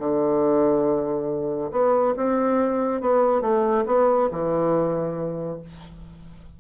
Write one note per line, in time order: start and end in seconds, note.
0.00 1.71 D3
1.72 2.15 B3
2.17 3.01 C4
3.01 3.42 B3
3.42 3.85 A3
3.87 4.30 B3
4.32 5.60 E3